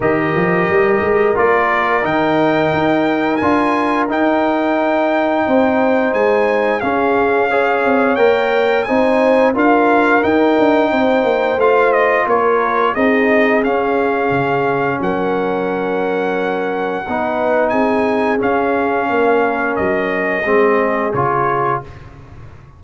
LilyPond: <<
  \new Staff \with { instrumentName = "trumpet" } { \time 4/4 \tempo 4 = 88 dis''2 d''4 g''4~ | g''4 gis''4 g''2~ | g''4 gis''4 f''2 | g''4 gis''4 f''4 g''4~ |
g''4 f''8 dis''8 cis''4 dis''4 | f''2 fis''2~ | fis''2 gis''4 f''4~ | f''4 dis''2 cis''4 | }
  \new Staff \with { instrumentName = "horn" } { \time 4/4 ais'1~ | ais'1 | c''2 gis'4 cis''4~ | cis''4 c''4 ais'2 |
c''2 ais'4 gis'4~ | gis'2 ais'2~ | ais'4 b'4 gis'2 | ais'2 gis'2 | }
  \new Staff \with { instrumentName = "trombone" } { \time 4/4 g'2 f'4 dis'4~ | dis'4 f'4 dis'2~ | dis'2 cis'4 gis'4 | ais'4 dis'4 f'4 dis'4~ |
dis'4 f'2 dis'4 | cis'1~ | cis'4 dis'2 cis'4~ | cis'2 c'4 f'4 | }
  \new Staff \with { instrumentName = "tuba" } { \time 4/4 dis8 f8 g8 gis8 ais4 dis4 | dis'4 d'4 dis'2 | c'4 gis4 cis'4. c'8 | ais4 c'4 d'4 dis'8 d'8 |
c'8 ais8 a4 ais4 c'4 | cis'4 cis4 fis2~ | fis4 b4 c'4 cis'4 | ais4 fis4 gis4 cis4 | }
>>